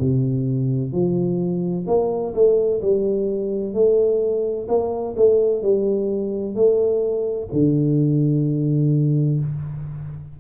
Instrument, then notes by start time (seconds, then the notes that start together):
tuba
0.00 C3
0.92 F3
1.87 A#3
2.34 A3
2.81 G3
3.74 A3
4.68 A#3
5.17 A3
5.62 G3
6.55 A3
7.53 D3